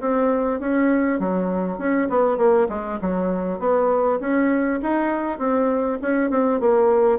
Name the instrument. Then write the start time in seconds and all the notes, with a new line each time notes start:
bassoon
0.00 C4
0.60 C#4
1.19 F#3
1.78 C#4
2.09 B3
2.37 A#3
2.69 G#3
3.02 F#3
3.59 B3
4.21 C#4
4.82 D#4
5.39 C4
6.02 C#4
6.30 C4
6.60 A#3